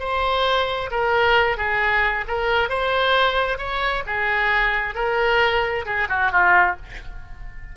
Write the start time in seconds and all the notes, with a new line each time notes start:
0.00 C5
0.91 A#4
1.57 G#4
2.28 A#4
2.70 C5
3.58 C#5
4.07 G#4
4.95 A#4
5.86 G#4
6.09 F#4
6.32 F4